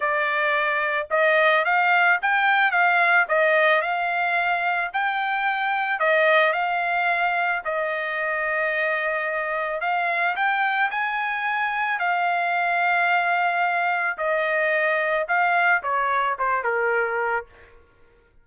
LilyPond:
\new Staff \with { instrumentName = "trumpet" } { \time 4/4 \tempo 4 = 110 d''2 dis''4 f''4 | g''4 f''4 dis''4 f''4~ | f''4 g''2 dis''4 | f''2 dis''2~ |
dis''2 f''4 g''4 | gis''2 f''2~ | f''2 dis''2 | f''4 cis''4 c''8 ais'4. | }